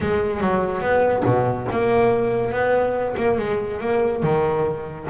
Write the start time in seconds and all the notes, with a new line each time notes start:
0.00 G#3
0.40 F#3
0.81 B3
1.25 B2
1.71 A#3
2.51 B3
3.16 A#3
3.38 G#3
3.80 A#3
4.23 D#3